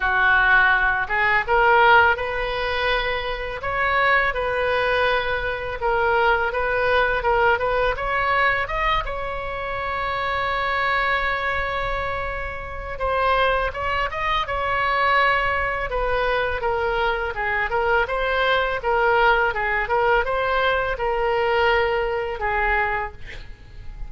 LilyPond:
\new Staff \with { instrumentName = "oboe" } { \time 4/4 \tempo 4 = 83 fis'4. gis'8 ais'4 b'4~ | b'4 cis''4 b'2 | ais'4 b'4 ais'8 b'8 cis''4 | dis''8 cis''2.~ cis''8~ |
cis''2 c''4 cis''8 dis''8 | cis''2 b'4 ais'4 | gis'8 ais'8 c''4 ais'4 gis'8 ais'8 | c''4 ais'2 gis'4 | }